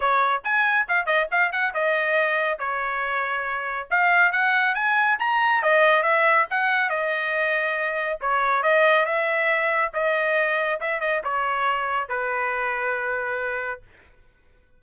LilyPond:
\new Staff \with { instrumentName = "trumpet" } { \time 4/4 \tempo 4 = 139 cis''4 gis''4 f''8 dis''8 f''8 fis''8 | dis''2 cis''2~ | cis''4 f''4 fis''4 gis''4 | ais''4 dis''4 e''4 fis''4 |
dis''2. cis''4 | dis''4 e''2 dis''4~ | dis''4 e''8 dis''8 cis''2 | b'1 | }